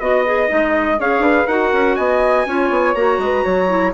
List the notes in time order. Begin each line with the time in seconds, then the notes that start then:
0.00 B3 F#4 D#5
0.26 G#4
0.48 G#3 D#4
0.99 C#4 G#4 C#5 F5
1.19 D4 B4
1.46 D#4 F#4 A#4 F#5
1.73 C#4
1.96 B3 D#5 G#5
2.46 C#4 F4 C#5
2.70 B3
2.95 A#3 F#4 A#5
3.18 G#3 B4
3.44 F#3 C#5
3.67 E4